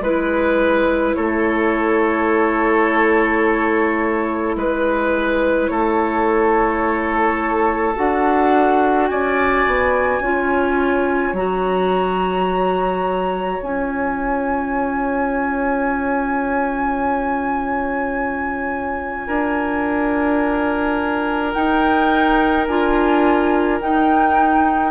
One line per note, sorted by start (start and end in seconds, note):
0.00 1.13 G#3
0.00 7.96 E4
0.00 1.16 B4
0.00 1.15 B4
1.15 4.56 A3
1.15 4.56 A4
1.15 4.54 C#5
4.56 5.69 G#3
4.56 5.70 B4
4.56 5.67 B4
5.67 7.96 A3
5.67 9.10 A4
5.67 7.93 C#5
7.96 9.10 D4
7.96 10.22 F#4
7.96 9.08 F#5
9.08 9.66 C#4
9.08 10.22 D5
9.08 11.34 G#5
9.66 10.20 B3
10.20 11.33 C#4
10.20 11.36 F4
10.20 19.27 C#5
11.33 13.59 F#3
11.33 13.62 F#4
11.33 13.62 A#5
13.62 19.27 C#4
13.62 21.54 F4
13.62 21.52 G#5
19.27 21.54 D4
19.27 24.91 A#4
21.52 22.67 D#4
21.52 22.66 G5
22.67 23.80 D4
22.67 23.81 F4
22.67 23.80 G#5
23.81 24.91 D#4
23.81 24.91 G5